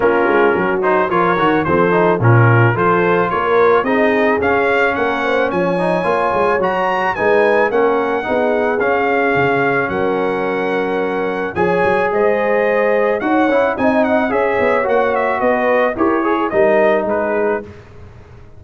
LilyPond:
<<
  \new Staff \with { instrumentName = "trumpet" } { \time 4/4 \tempo 4 = 109 ais'4. c''8 cis''4 c''4 | ais'4 c''4 cis''4 dis''4 | f''4 fis''4 gis''2 | ais''4 gis''4 fis''2 |
f''2 fis''2~ | fis''4 gis''4 dis''2 | fis''4 gis''8 fis''8 e''4 fis''8 e''8 | dis''4 cis''4 dis''4 b'4 | }
  \new Staff \with { instrumentName = "horn" } { \time 4/4 f'4 fis'4 ais'4 a'4 | f'4 a'4 ais'4 gis'4~ | gis'4 ais'8 c''8 cis''2~ | cis''4 b'4 ais'4 gis'4~ |
gis'2 ais'2~ | ais'4 cis''4 c''2 | cis''4 dis''4 cis''2 | b'4 ais'8 gis'8 ais'4 gis'4 | }
  \new Staff \with { instrumentName = "trombone" } { \time 4/4 cis'4. dis'8 f'8 fis'8 c'8 dis'8 | cis'4 f'2 dis'4 | cis'2~ cis'8 dis'8 f'4 | fis'4 dis'4 cis'4 dis'4 |
cis'1~ | cis'4 gis'2. | fis'8 e'8 dis'4 gis'4 fis'4~ | fis'4 g'8 gis'8 dis'2 | }
  \new Staff \with { instrumentName = "tuba" } { \time 4/4 ais8 gis8 fis4 f8 dis8 f4 | ais,4 f4 ais4 c'4 | cis'4 ais4 f4 ais8 gis8 | fis4 gis4 ais4 b4 |
cis'4 cis4 fis2~ | fis4 f8 fis8 gis2 | dis'8 cis'8 c'4 cis'8 b8 ais4 | b4 e'4 g4 gis4 | }
>>